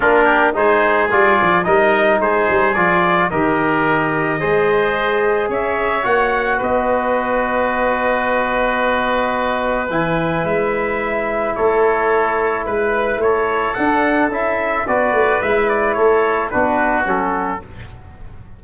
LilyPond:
<<
  \new Staff \with { instrumentName = "trumpet" } { \time 4/4 \tempo 4 = 109 ais'4 c''4 d''4 dis''4 | c''4 d''4 dis''2~ | dis''2 e''4 fis''4 | dis''1~ |
dis''2 gis''4 e''4~ | e''4 cis''2 b'4 | cis''4 fis''4 e''4 d''4 | e''8 d''8 cis''4 b'4 a'4 | }
  \new Staff \with { instrumentName = "oboe" } { \time 4/4 f'8 g'8 gis'2 ais'4 | gis'2 ais'2 | c''2 cis''2 | b'1~ |
b'1~ | b'4 a'2 b'4 | a'2. b'4~ | b'4 a'4 fis'2 | }
  \new Staff \with { instrumentName = "trombone" } { \time 4/4 d'4 dis'4 f'4 dis'4~ | dis'4 f'4 g'2 | gis'2. fis'4~ | fis'1~ |
fis'2 e'2~ | e'1~ | e'4 d'4 e'4 fis'4 | e'2 d'4 cis'4 | }
  \new Staff \with { instrumentName = "tuba" } { \time 4/4 ais4 gis4 g8 f8 g4 | gis8 g8 f4 dis2 | gis2 cis'4 ais4 | b1~ |
b2 e4 gis4~ | gis4 a2 gis4 | a4 d'4 cis'4 b8 a8 | gis4 a4 b4 fis4 | }
>>